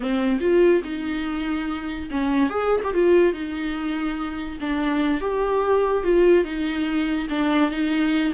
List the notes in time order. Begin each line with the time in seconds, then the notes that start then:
0.00 C4
0.40 F4
0.84 D#4
2.11 C#4
2.49 G#4
2.83 G4
2.94 F4
3.33 D#4
4.60 D4
5.20 G4
6.03 F4
6.44 D#4
7.29 D4
7.70 D#4